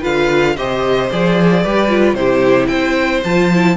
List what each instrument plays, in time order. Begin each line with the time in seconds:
0.00 cello D3, viola F4, violin B4 F5
0.56 cello C3, viola G4, violin C5 D#5
1.11 cello F3, viola G#4, violin D5
1.62 cello G3, viola G4, violin B4
1.89 viola F4
2.14 cello C3, viola E4, violin G4 C5
2.67 cello C4, violin C5 G5
3.24 cello F3, viola F4, violin A5
3.54 viola E4